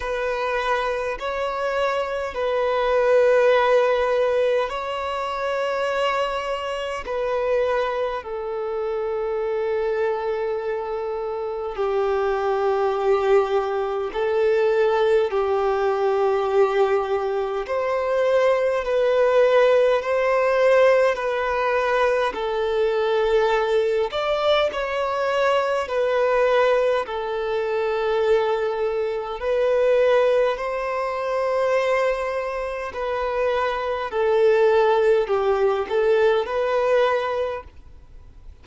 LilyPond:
\new Staff \with { instrumentName = "violin" } { \time 4/4 \tempo 4 = 51 b'4 cis''4 b'2 | cis''2 b'4 a'4~ | a'2 g'2 | a'4 g'2 c''4 |
b'4 c''4 b'4 a'4~ | a'8 d''8 cis''4 b'4 a'4~ | a'4 b'4 c''2 | b'4 a'4 g'8 a'8 b'4 | }